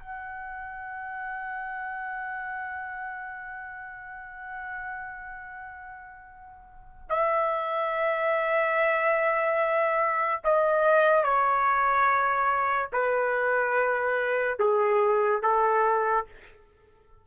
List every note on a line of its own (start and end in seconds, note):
0.00 7.08 F#5
7.10 10.43 E5
10.45 11.24 D#5
11.24 12.91 C#5
12.93 14.59 B4
14.59 15.43 G#4
15.43 16.26 A4